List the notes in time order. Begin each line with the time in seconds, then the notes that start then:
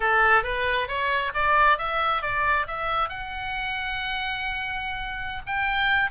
0.00 A4
0.43 B4
0.87 C#5
1.34 D5
1.77 E5
2.21 D5
2.67 E5
3.09 F#5
5.46 G5